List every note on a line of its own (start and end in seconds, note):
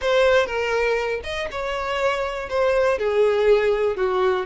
0.01 0.46 C5
0.46 1.20 A#4
1.23 1.48 D#5
1.51 2.49 C#5
2.49 2.98 C5
2.98 3.96 G#4
3.96 4.46 F#4